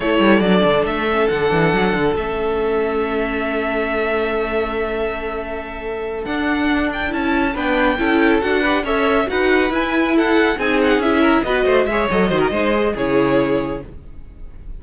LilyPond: <<
  \new Staff \with { instrumentName = "violin" } { \time 4/4 \tempo 4 = 139 cis''4 d''4 e''4 fis''4~ | fis''4 e''2.~ | e''1~ | e''2~ e''8 fis''4. |
g''8 a''4 g''2 fis''8~ | fis''8 e''4 fis''4 gis''4 fis''8~ | fis''8 gis''8 fis''8 e''4 dis''4 e''8 | dis''2 cis''2 | }
  \new Staff \with { instrumentName = "violin" } { \time 4/4 a'1~ | a'1~ | a'1~ | a'1~ |
a'4. b'4 a'4. | b'8 cis''4 b'2 a'8~ | a'8 gis'4. ais'8 b'8 c''8 cis''8~ | cis''8 c''16 ais'16 c''4 gis'2 | }
  \new Staff \with { instrumentName = "viola" } { \time 4/4 e'4 d'4. cis'8 d'4~ | d'4 cis'2.~ | cis'1~ | cis'2~ cis'8 d'4.~ |
d'8 e'4 d'4 e'4 fis'8 | g'8 a'4 fis'4 e'4.~ | e'8 dis'4 e'4 fis'4 gis'8 | a'8 fis'8 dis'8 gis'8 e'2 | }
  \new Staff \with { instrumentName = "cello" } { \time 4/4 a8 g8 fis8 d8 a4 d8 e8 | fis8 d8 a2.~ | a1~ | a2~ a8 d'4.~ |
d'8 cis'4 b4 cis'4 d'8~ | d'8 cis'4 dis'4 e'4.~ | e'8 c'4 cis'4 b8 a8 gis8 | fis8 dis8 gis4 cis2 | }
>>